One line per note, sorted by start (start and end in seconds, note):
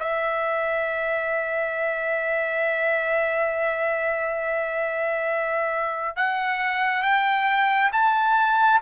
0.00 6.16 E5
6.16 7.02 F#5
7.02 7.91 G5
7.92 8.80 A5